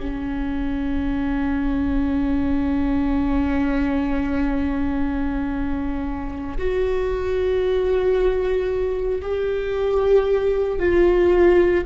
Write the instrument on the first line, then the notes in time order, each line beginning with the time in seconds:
viola
0.00 C#4
6.58 F#4
9.22 G4
10.79 F4